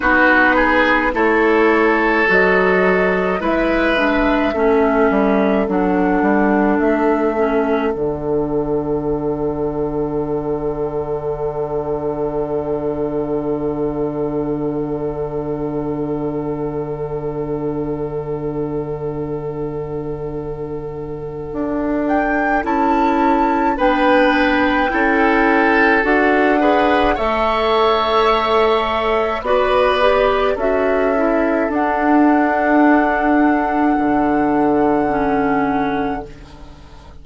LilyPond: <<
  \new Staff \with { instrumentName = "flute" } { \time 4/4 \tempo 4 = 53 b'4 cis''4 dis''4 e''4~ | e''4 fis''4 e''4 fis''4~ | fis''1~ | fis''1~ |
fis''2.~ fis''8 g''8 | a''4 g''2 fis''4 | e''2 d''4 e''4 | fis''1 | }
  \new Staff \with { instrumentName = "oboe" } { \time 4/4 fis'8 gis'8 a'2 b'4 | a'1~ | a'1~ | a'1~ |
a'1~ | a'4 b'4 a'4. b'8 | cis''2 b'4 a'4~ | a'1 | }
  \new Staff \with { instrumentName = "clarinet" } { \time 4/4 dis'4 e'4 fis'4 e'8 d'8 | cis'4 d'4. cis'8 d'4~ | d'1~ | d'1~ |
d'1 | e'4 d'4 e'4 fis'8 gis'8 | a'2 fis'8 g'8 fis'8 e'8 | d'2. cis'4 | }
  \new Staff \with { instrumentName = "bassoon" } { \time 4/4 b4 a4 fis4 gis4 | a8 g8 fis8 g8 a4 d4~ | d1~ | d1~ |
d2. d'4 | cis'4 b4 cis'4 d'4 | a2 b4 cis'4 | d'2 d2 | }
>>